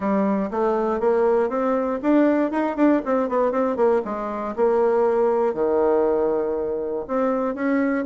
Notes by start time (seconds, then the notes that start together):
0.00 G3
0.50 A3
1.00 A#3
1.49 C4
2.02 D4
2.51 D#4
2.76 D4
3.05 C4
3.28 B3
3.51 C4
3.76 A#3
4.04 G#3
4.56 A#3
5.54 D#3
7.07 C4
7.54 C#4